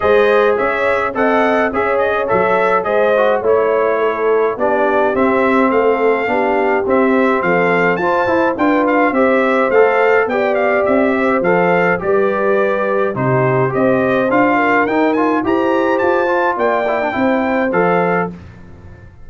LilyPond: <<
  \new Staff \with { instrumentName = "trumpet" } { \time 4/4 \tempo 4 = 105 dis''4 e''4 fis''4 e''8 dis''8 | e''4 dis''4 cis''2 | d''4 e''4 f''2 | e''4 f''4 a''4 g''8 f''8 |
e''4 f''4 g''8 f''8 e''4 | f''4 d''2 c''4 | dis''4 f''4 g''8 gis''8 ais''4 | a''4 g''2 f''4 | }
  \new Staff \with { instrumentName = "horn" } { \time 4/4 c''4 cis''4 dis''4 cis''4~ | cis''4 c''4 cis''4 a'4 | g'2 a'4 g'4~ | g'4 a'4 c''4 b'4 |
c''2 d''4. c''8~ | c''4 b'2 g'4 | c''4. ais'4. c''4~ | c''4 d''4 c''2 | }
  \new Staff \with { instrumentName = "trombone" } { \time 4/4 gis'2 a'4 gis'4 | a'4 gis'8 fis'8 e'2 | d'4 c'2 d'4 | c'2 f'8 e'8 f'4 |
g'4 a'4 g'2 | a'4 g'2 dis'4 | g'4 f'4 dis'8 f'8 g'4~ | g'8 f'4 e'16 d'16 e'4 a'4 | }
  \new Staff \with { instrumentName = "tuba" } { \time 4/4 gis4 cis'4 c'4 cis'4 | fis4 gis4 a2 | b4 c'4 a4 b4 | c'4 f4 f'8 e'8 d'4 |
c'4 a4 b4 c'4 | f4 g2 c4 | c'4 d'4 dis'4 e'4 | f'4 ais4 c'4 f4 | }
>>